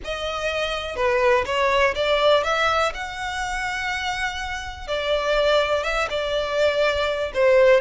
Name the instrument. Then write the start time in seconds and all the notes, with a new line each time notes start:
violin
0.04 D#5
0.95 B4
1.45 C#5
1.95 D5
2.43 E5
2.94 F#5
4.87 D5
5.83 E5
6.10 D5
7.34 C5